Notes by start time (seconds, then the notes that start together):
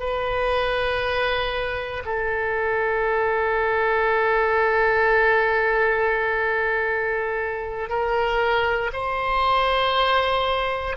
0.00 B4
2.06 A4
7.90 A#4
8.94 C5